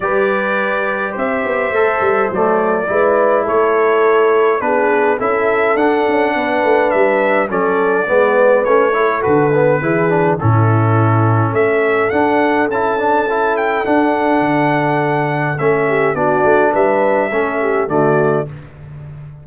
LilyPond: <<
  \new Staff \with { instrumentName = "trumpet" } { \time 4/4 \tempo 4 = 104 d''2 e''2 | d''2 cis''2 | b'4 e''4 fis''2 | e''4 d''2 cis''4 |
b'2 a'2 | e''4 fis''4 a''4. g''8 | fis''2. e''4 | d''4 e''2 d''4 | }
  \new Staff \with { instrumentName = "horn" } { \time 4/4 b'2 c''2~ | c''4 b'4 a'2 | gis'4 a'2 b'4~ | b'4 a'4 b'4. a'8~ |
a'4 gis'4 e'2 | a'1~ | a'2.~ a'8 g'8 | fis'4 b'4 a'8 g'8 fis'4 | }
  \new Staff \with { instrumentName = "trombone" } { \time 4/4 g'2. a'4 | a4 e'2. | d'4 e'4 d'2~ | d'4 cis'4 b4 cis'8 e'8 |
fis'8 b8 e'8 d'8 cis'2~ | cis'4 d'4 e'8 d'8 e'4 | d'2. cis'4 | d'2 cis'4 a4 | }
  \new Staff \with { instrumentName = "tuba" } { \time 4/4 g2 c'8 b8 a8 g8 | fis4 gis4 a2 | b4 cis'4 d'8 cis'8 b8 a8 | g4 fis4 gis4 a4 |
d4 e4 a,2 | a4 d'4 cis'2 | d'4 d2 a4 | b8 a8 g4 a4 d4 | }
>>